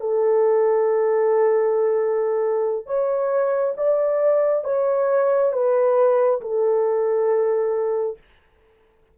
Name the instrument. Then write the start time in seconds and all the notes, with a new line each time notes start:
horn
0.00 A4
2.86 C#5
3.77 D5
4.64 C#5
5.52 B4
6.41 A4